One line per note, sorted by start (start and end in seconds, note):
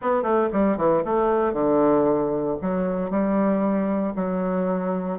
0.01 0.23 B3
0.23 0.48 A3
0.52 0.77 G3
0.77 1.03 E3
1.04 1.53 A3
1.53 2.56 D3
2.61 3.10 F#3
3.10 4.13 G3
4.15 5.18 F#3